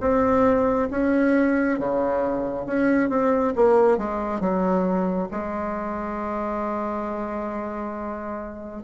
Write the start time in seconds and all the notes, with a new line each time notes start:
0.00 C4
0.91 C#4
1.78 C#3
2.66 C#4
3.09 C4
3.56 A#3
3.98 G#3
4.40 F#3
5.31 G#3